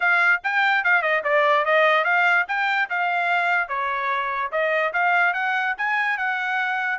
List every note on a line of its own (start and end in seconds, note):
0.00 0.41 F5
0.43 0.84 G5
0.84 1.01 F5
1.01 1.22 D#5
1.24 1.65 D5
1.65 2.04 D#5
2.04 2.45 F5
2.48 2.89 G5
2.89 3.68 F5
3.68 4.50 C#5
4.51 4.92 D#5
4.93 5.33 F5
5.33 5.74 F#5
5.77 6.17 G#5
6.17 6.98 F#5